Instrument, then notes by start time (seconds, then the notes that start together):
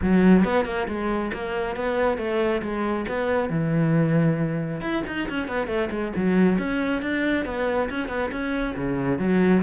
cello
0.01 F#3
0.44 B3
0.65 A#3
0.87 G#3
1.33 A#3
1.75 B3
2.17 A3
2.61 G#3
3.08 B3
3.49 E3
4.80 E4
5.06 D#4
5.29 C#4
5.48 B3
5.67 A3
5.90 G#3
6.16 F#3
6.58 C#4
7.02 D4
7.45 B3
7.90 C#4
8.08 B3
8.31 C#4
8.76 C#3
9.19 F#3